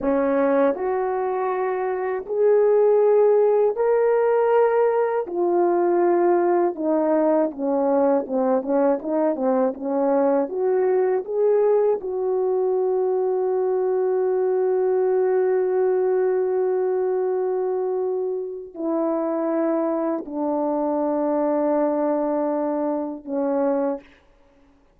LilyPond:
\new Staff \with { instrumentName = "horn" } { \time 4/4 \tempo 4 = 80 cis'4 fis'2 gis'4~ | gis'4 ais'2 f'4~ | f'4 dis'4 cis'4 c'8 cis'8 | dis'8 c'8 cis'4 fis'4 gis'4 |
fis'1~ | fis'1~ | fis'4 e'2 d'4~ | d'2. cis'4 | }